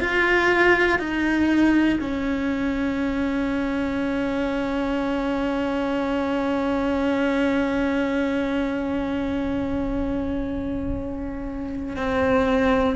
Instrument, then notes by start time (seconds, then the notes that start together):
cello
0.00 F4
0.99 D#4
2.00 C#4
11.96 C4